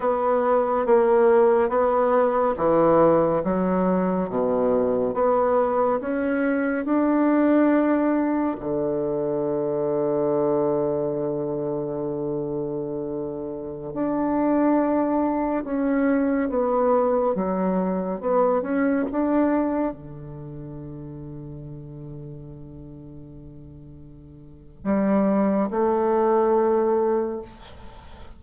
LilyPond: \new Staff \with { instrumentName = "bassoon" } { \time 4/4 \tempo 4 = 70 b4 ais4 b4 e4 | fis4 b,4 b4 cis'4 | d'2 d2~ | d1~ |
d16 d'2 cis'4 b8.~ | b16 fis4 b8 cis'8 d'4 d8.~ | d1~ | d4 g4 a2 | }